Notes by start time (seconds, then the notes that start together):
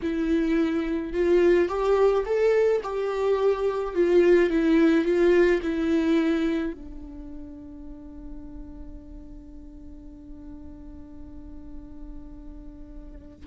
0.02 E4
1.13 F4
1.68 G4
2.25 A4
2.83 G4
3.94 F4
4.49 E4
5.04 F4
5.62 E4
6.73 D4